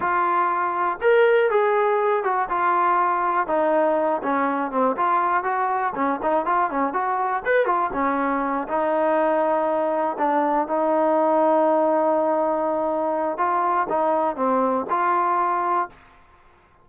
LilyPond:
\new Staff \with { instrumentName = "trombone" } { \time 4/4 \tempo 4 = 121 f'2 ais'4 gis'4~ | gis'8 fis'8 f'2 dis'4~ | dis'8 cis'4 c'8 f'4 fis'4 | cis'8 dis'8 f'8 cis'8 fis'4 b'8 f'8 |
cis'4. dis'2~ dis'8~ | dis'8 d'4 dis'2~ dis'8~ | dis'2. f'4 | dis'4 c'4 f'2 | }